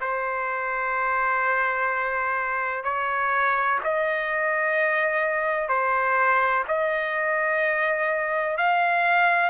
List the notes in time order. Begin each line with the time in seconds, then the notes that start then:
0.00 C5
2.84 C#5
3.84 D#5
5.68 C5
6.68 D#5
8.57 F5